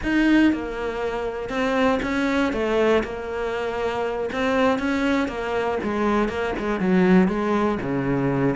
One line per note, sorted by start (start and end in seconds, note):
0.03 0.52 D#4
0.52 1.49 A#3
1.49 1.99 C4
2.02 2.52 C#4
2.53 3.03 A3
3.03 4.29 A#3
4.32 4.79 C4
4.79 5.27 C#4
5.27 5.78 A#3
5.83 6.28 G#3
6.28 6.53 A#3
6.58 6.79 G#3
6.79 7.28 F#3
7.28 7.78 G#3
7.82 8.55 C#3